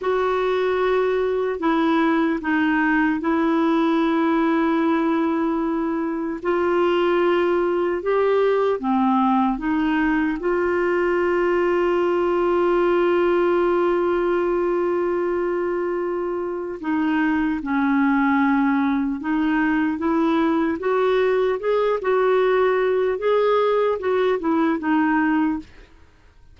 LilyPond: \new Staff \with { instrumentName = "clarinet" } { \time 4/4 \tempo 4 = 75 fis'2 e'4 dis'4 | e'1 | f'2 g'4 c'4 | dis'4 f'2.~ |
f'1~ | f'4 dis'4 cis'2 | dis'4 e'4 fis'4 gis'8 fis'8~ | fis'4 gis'4 fis'8 e'8 dis'4 | }